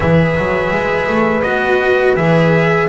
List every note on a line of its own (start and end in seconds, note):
0.00 0.36 E3
0.00 1.43 G#4
0.00 2.89 B4
0.00 1.42 E5
0.37 0.71 F#3
0.71 1.07 G#3
1.07 1.43 A3
1.42 2.16 B3
1.42 2.16 F#4
1.42 2.14 D#5
2.16 2.88 E3
2.16 2.89 G#4
2.16 2.88 E5